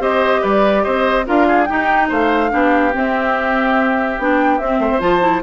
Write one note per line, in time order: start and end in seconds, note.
0.00 0.42 C4
0.00 1.25 G4
0.00 0.41 C5
0.00 0.43 D#5
0.41 0.85 G3
0.41 0.83 B4
0.41 0.84 D5
0.84 1.28 C4
0.84 1.26 C5
0.84 1.26 D#5
1.26 1.70 D4
1.26 1.67 F4
1.26 1.47 A#4
1.26 1.65 F5
1.47 1.68 G#4
1.65 2.50 D#4
1.65 2.11 D#4
1.65 2.09 G4
1.65 2.07 G5
2.09 2.52 A3
2.09 2.50 C5
2.09 2.96 F5
2.50 2.94 B3
2.50 2.92 D4
2.50 4.80 G4
2.94 4.19 C4
2.94 4.21 E5
4.19 4.60 B3
4.19 4.60 D4
4.19 4.59 G5
4.59 4.80 C4
4.59 4.99 C4
4.59 5.00 E5
4.80 4.90 A3
4.80 5.43 C5
4.91 5.01 C4
4.99 5.42 F3
4.99 5.20 F4
4.99 5.42 A5
5.21 5.41 E4